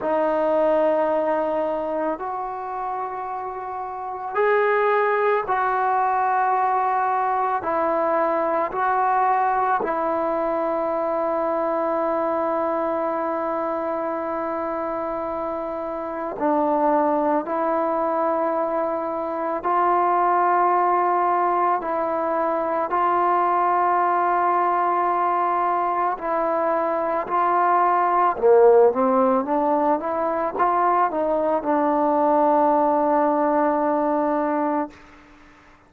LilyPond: \new Staff \with { instrumentName = "trombone" } { \time 4/4 \tempo 4 = 55 dis'2 fis'2 | gis'4 fis'2 e'4 | fis'4 e'2.~ | e'2. d'4 |
e'2 f'2 | e'4 f'2. | e'4 f'4 ais8 c'8 d'8 e'8 | f'8 dis'8 d'2. | }